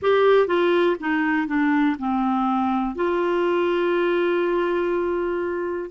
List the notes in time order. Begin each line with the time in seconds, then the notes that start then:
0.02 G4
0.47 F4
1.00 D#4
1.47 D4
1.99 C4
2.95 F4